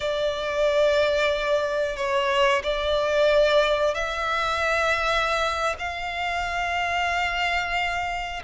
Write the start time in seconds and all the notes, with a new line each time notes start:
0.00 D5
1.96 C#5
2.63 D5
3.94 E5
5.78 F5